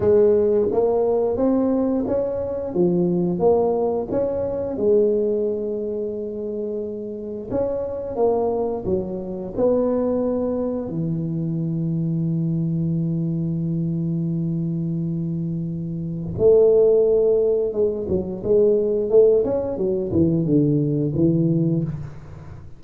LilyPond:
\new Staff \with { instrumentName = "tuba" } { \time 4/4 \tempo 4 = 88 gis4 ais4 c'4 cis'4 | f4 ais4 cis'4 gis4~ | gis2. cis'4 | ais4 fis4 b2 |
e1~ | e1 | a2 gis8 fis8 gis4 | a8 cis'8 fis8 e8 d4 e4 | }